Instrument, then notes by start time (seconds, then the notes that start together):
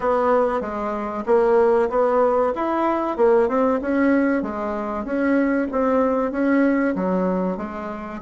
bassoon
0.00 B3
0.61 G#3
1.26 A#3
1.89 B3
2.55 E4
3.16 A#3
3.48 C4
3.81 C#4
4.42 G#3
5.04 C#4
5.71 C4
6.31 C#4
6.95 F#3
7.57 G#3